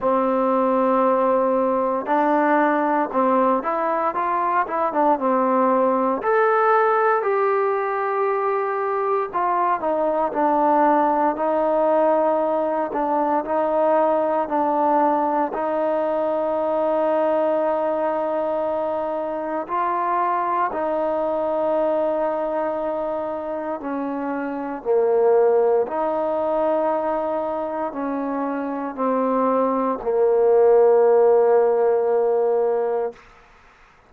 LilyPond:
\new Staff \with { instrumentName = "trombone" } { \time 4/4 \tempo 4 = 58 c'2 d'4 c'8 e'8 | f'8 e'16 d'16 c'4 a'4 g'4~ | g'4 f'8 dis'8 d'4 dis'4~ | dis'8 d'8 dis'4 d'4 dis'4~ |
dis'2. f'4 | dis'2. cis'4 | ais4 dis'2 cis'4 | c'4 ais2. | }